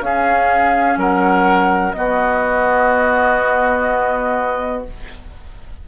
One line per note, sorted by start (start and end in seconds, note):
0.00 1.94 C#4
0.00 0.97 C#4
0.00 0.99 G#4
0.00 0.99 F5
0.98 1.94 F#3
0.98 1.96 A#4
0.98 1.93 F#5
1.93 4.85 B3
1.93 4.88 B3
1.93 4.88 F#4
1.93 4.83 D#5